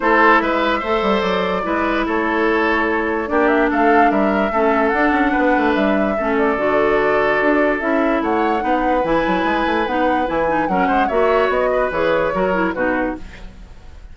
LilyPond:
<<
  \new Staff \with { instrumentName = "flute" } { \time 4/4 \tempo 4 = 146 c''4 e''2 d''4~ | d''4 cis''2. | d''8 e''8 f''4 e''2 | fis''2 e''4. d''8~ |
d''2. e''4 | fis''2 gis''2 | fis''4 gis''4 fis''4 e''4 | dis''4 cis''2 b'4 | }
  \new Staff \with { instrumentName = "oboe" } { \time 4/4 a'4 b'4 c''2 | b'4 a'2. | g'4 a'4 ais'4 a'4~ | a'4 b'2 a'4~ |
a'1 | cis''4 b'2.~ | b'2 ais'8 c''8 cis''4~ | cis''8 b'4. ais'4 fis'4 | }
  \new Staff \with { instrumentName = "clarinet" } { \time 4/4 e'2 a'2 | e'1 | d'2. cis'4 | d'2. cis'4 |
fis'2. e'4~ | e'4 dis'4 e'2 | dis'4 e'8 dis'8 cis'4 fis'4~ | fis'4 gis'4 fis'8 e'8 dis'4 | }
  \new Staff \with { instrumentName = "bassoon" } { \time 4/4 a4 gis4 a8 g8 fis4 | gis4 a2. | ais4 a4 g4 a4 | d'8 cis'8 b8 a8 g4 a4 |
d2 d'4 cis'4 | a4 b4 e8 fis8 gis8 a8 | b4 e4 fis8 gis8 ais4 | b4 e4 fis4 b,4 | }
>>